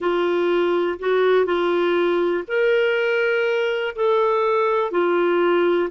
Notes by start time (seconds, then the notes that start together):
0.00 F4
0.99 F#4
1.45 F4
2.47 A#4
3.95 A4
4.91 F4